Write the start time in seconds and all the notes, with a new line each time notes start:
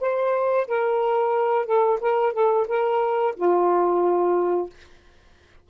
0.00 C5
0.67 A#4
1.65 A4
2.00 A#4
2.33 A4
2.68 A#4
3.36 F4